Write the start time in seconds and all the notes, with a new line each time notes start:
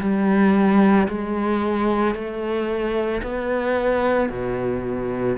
0.00 G3
1.08 G#3
2.14 A3
3.22 B3
4.29 B2